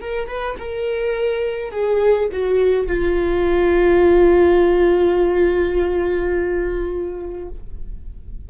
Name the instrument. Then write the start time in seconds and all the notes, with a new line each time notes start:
viola
0.00 A#4
0.27 B4
0.58 A#4
1.71 G#4
2.32 F#4
2.87 F4